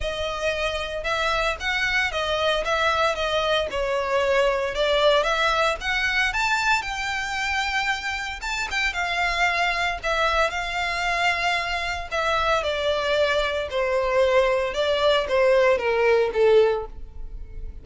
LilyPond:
\new Staff \with { instrumentName = "violin" } { \time 4/4 \tempo 4 = 114 dis''2 e''4 fis''4 | dis''4 e''4 dis''4 cis''4~ | cis''4 d''4 e''4 fis''4 | a''4 g''2. |
a''8 g''8 f''2 e''4 | f''2. e''4 | d''2 c''2 | d''4 c''4 ais'4 a'4 | }